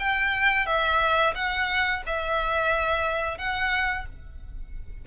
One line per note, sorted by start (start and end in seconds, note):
0.00 0.66 G5
0.66 1.34 E5
1.35 2.03 F#5
2.07 3.38 E5
3.38 4.06 F#5